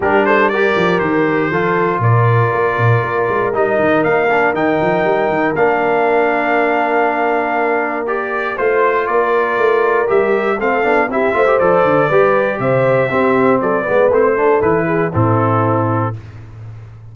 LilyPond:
<<
  \new Staff \with { instrumentName = "trumpet" } { \time 4/4 \tempo 4 = 119 ais'8 c''8 d''4 c''2 | d''2. dis''4 | f''4 g''2 f''4~ | f''1 |
d''4 c''4 d''2 | e''4 f''4 e''4 d''4~ | d''4 e''2 d''4 | c''4 b'4 a'2 | }
  \new Staff \with { instrumentName = "horn" } { \time 4/4 g'8 a'8 ais'2 a'4 | ais'1~ | ais'1~ | ais'1~ |
ais'4 c''4 ais'2~ | ais'4 a'4 g'8 c''4. | b'4 c''4 g'4 a'8 b'8~ | b'8 a'4 gis'8 e'2 | }
  \new Staff \with { instrumentName = "trombone" } { \time 4/4 d'4 g'2 f'4~ | f'2. dis'4~ | dis'8 d'8 dis'2 d'4~ | d'1 |
g'4 f'2. | g'4 c'8 d'8 e'8 f'16 g'16 a'4 | g'2 c'4. b8 | c'8 d'8 e'4 c'2 | }
  \new Staff \with { instrumentName = "tuba" } { \time 4/4 g4. f8 dis4 f4 | ais,4 ais8 ais,8 ais8 gis8 g8 dis8 | ais4 dis8 f8 g8 dis8 ais4~ | ais1~ |
ais4 a4 ais4 a4 | g4 a8 b8 c'8 a8 f8 d8 | g4 c4 c'4 fis8 gis8 | a4 e4 a,2 | }
>>